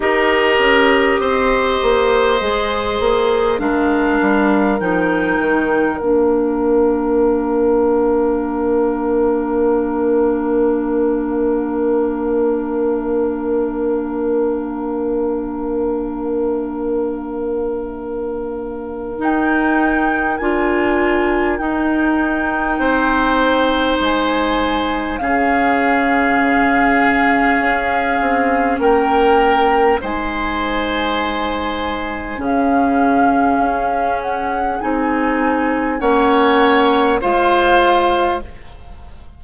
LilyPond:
<<
  \new Staff \with { instrumentName = "flute" } { \time 4/4 \tempo 4 = 50 dis''2. f''4 | g''4 f''2.~ | f''1~ | f''1 |
g''4 gis''4 g''2 | gis''4 f''2. | g''4 gis''2 f''4~ | f''8 fis''8 gis''4 fis''4 f''4 | }
  \new Staff \with { instrumentName = "oboe" } { \time 4/4 ais'4 c''2 ais'4~ | ais'1~ | ais'1~ | ais'1~ |
ais'2. c''4~ | c''4 gis'2. | ais'4 c''2 gis'4~ | gis'2 cis''4 c''4 | }
  \new Staff \with { instrumentName = "clarinet" } { \time 4/4 g'2 gis'4 d'4 | dis'4 d'2.~ | d'1~ | d'1 |
dis'4 f'4 dis'2~ | dis'4 cis'2.~ | cis'4 dis'2 cis'4~ | cis'4 dis'4 cis'4 f'4 | }
  \new Staff \with { instrumentName = "bassoon" } { \time 4/4 dis'8 cis'8 c'8 ais8 gis8 ais8 gis8 g8 | f8 dis8 ais2.~ | ais1~ | ais1 |
dis'4 d'4 dis'4 c'4 | gis4 cis2 cis'8 c'8 | ais4 gis2 cis4 | cis'4 c'4 ais4 gis4 | }
>>